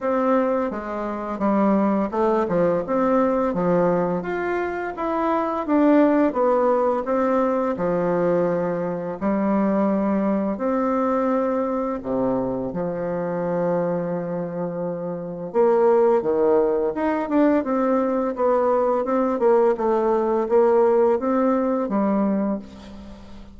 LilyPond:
\new Staff \with { instrumentName = "bassoon" } { \time 4/4 \tempo 4 = 85 c'4 gis4 g4 a8 f8 | c'4 f4 f'4 e'4 | d'4 b4 c'4 f4~ | f4 g2 c'4~ |
c'4 c4 f2~ | f2 ais4 dis4 | dis'8 d'8 c'4 b4 c'8 ais8 | a4 ais4 c'4 g4 | }